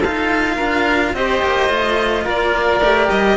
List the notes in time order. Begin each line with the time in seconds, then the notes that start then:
0.00 D#4 F4 A4 F5
0.57 D4 A#4
1.14 C4 G4 C5 D#5
1.43 A#3
1.69 A3 F4
2.25 A#3 A#4 D5
2.81 A3 G4
3.11 G3 D#5